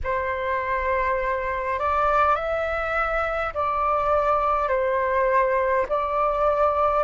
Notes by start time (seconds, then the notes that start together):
0.03 C5
1.79 D5
2.35 E5
3.53 D5
4.68 C5
5.88 D5